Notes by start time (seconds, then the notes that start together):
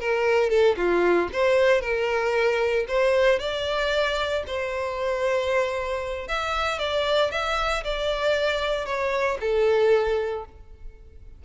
0.00 A#4
0.49 A4
0.77 F4
1.33 C5
1.81 A#4
2.88 C5
3.39 D5
4.47 C5
6.28 E5
6.79 D5
7.31 E5
7.84 D5
8.85 C#5
9.40 A4